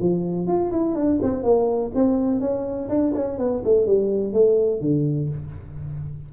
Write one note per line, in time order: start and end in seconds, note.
0.00 0.47 F3
0.47 0.71 F4
0.71 0.95 E4
0.95 1.19 D4
1.22 1.43 C4
1.43 1.91 A#3
1.94 2.40 C4
2.40 2.89 C#4
2.89 3.13 D4
3.15 3.38 C#4
3.38 3.62 B3
3.64 3.86 A3
3.86 4.33 G3
4.33 4.81 A3
4.81 5.29 D3